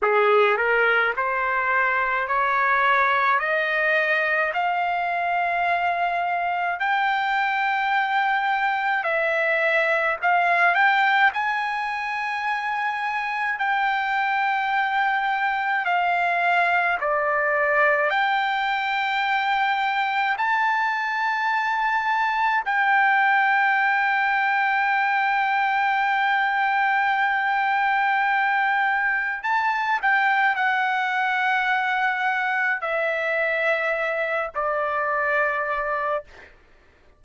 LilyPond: \new Staff \with { instrumentName = "trumpet" } { \time 4/4 \tempo 4 = 53 gis'8 ais'8 c''4 cis''4 dis''4 | f''2 g''2 | e''4 f''8 g''8 gis''2 | g''2 f''4 d''4 |
g''2 a''2 | g''1~ | g''2 a''8 g''8 fis''4~ | fis''4 e''4. d''4. | }